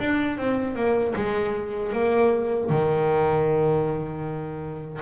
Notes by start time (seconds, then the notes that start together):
0.00 D4
0.38 C4
0.76 A#3
1.16 G#3
1.93 A#3
2.70 D#3